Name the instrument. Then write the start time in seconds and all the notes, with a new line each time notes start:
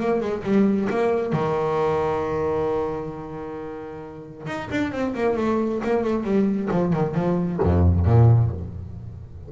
double bass
0.00 A#3
0.21 G#3
0.44 G3
0.90 A#3
1.33 D#3
4.47 D#4
4.71 D4
4.92 C4
5.15 A#3
5.37 A3
5.84 A#3
6.04 A3
6.24 G3
6.71 F3
6.93 D#3
7.15 F3
7.63 F2
8.06 A#2